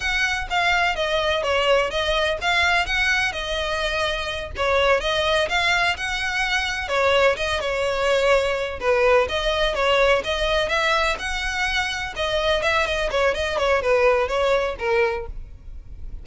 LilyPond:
\new Staff \with { instrumentName = "violin" } { \time 4/4 \tempo 4 = 126 fis''4 f''4 dis''4 cis''4 | dis''4 f''4 fis''4 dis''4~ | dis''4. cis''4 dis''4 f''8~ | f''8 fis''2 cis''4 dis''8 |
cis''2~ cis''8 b'4 dis''8~ | dis''8 cis''4 dis''4 e''4 fis''8~ | fis''4. dis''4 e''8 dis''8 cis''8 | dis''8 cis''8 b'4 cis''4 ais'4 | }